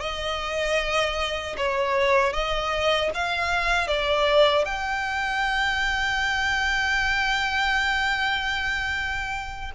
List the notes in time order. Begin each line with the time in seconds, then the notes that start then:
0.00 D#5
1.57 C#5
2.32 D#5
3.14 F5
3.87 D5
4.64 G5